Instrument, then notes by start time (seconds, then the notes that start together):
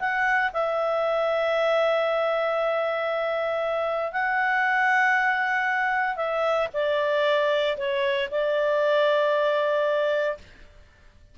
clarinet
0.00 F#5
0.53 E5
4.12 F#5
6.16 E5
6.74 D5
7.78 C#5
8.31 D5